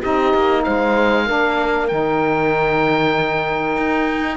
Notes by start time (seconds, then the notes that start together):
0.00 C4 D#4 G4 D#5
0.34 A#3
0.63 G#3 C5 F5
1.25 A#3 D4 A#4
1.88 D#3 D#4 G5
3.77 D#4